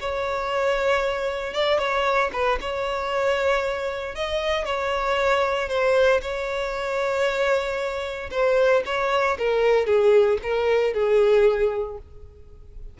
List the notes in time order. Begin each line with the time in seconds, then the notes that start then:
0.00 C#5
1.54 D5
1.78 C#5
2.33 B4
2.61 C#5
4.15 D#5
4.65 C#5
5.69 C5
6.21 C#5
8.31 C5
8.86 C#5
9.38 A#4
9.86 G#4
10.43 A#4
10.94 G#4